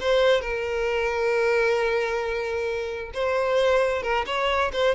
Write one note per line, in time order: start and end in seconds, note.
0.00 0.41 C5
0.41 3.11 A#4
3.14 4.02 C5
4.02 4.25 A#4
4.26 4.71 C#5
4.72 4.95 C5